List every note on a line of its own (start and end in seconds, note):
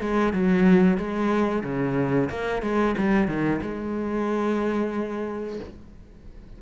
0.00 0.33 G#3
0.33 0.97 F#3
0.97 1.63 G#3
1.63 2.29 C#3
2.29 2.62 A#3
2.62 2.95 G#3
2.97 3.28 G3
3.28 3.61 D#3
3.61 5.59 G#3